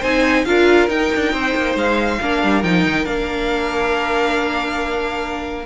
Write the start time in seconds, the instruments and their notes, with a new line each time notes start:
0.00 cello C4, viola D#4, violin C5 G#5
0.45 cello D4, viola F4, violin A#4 F5
0.88 viola D#4, cello D#4, violin G5
1.16 cello D4
1.33 cello C4, violin C5
1.56 cello A#3
1.76 cello G#3, violin F5
2.22 cello A#3, viola D4, violin A#4
2.43 cello G3
2.63 cello F3, viola D#4, violin G5
2.86 cello D#3
3.05 cello A#3, viola D4, violin F5